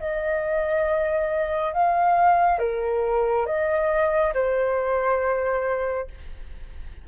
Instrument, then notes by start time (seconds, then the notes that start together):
flute
0.00 D#5
1.74 F5
2.60 A#4
3.47 D#5
4.34 C5